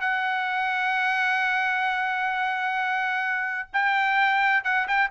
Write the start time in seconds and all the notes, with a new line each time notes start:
0.00 F#5
3.73 G5
4.64 F#5
4.87 G5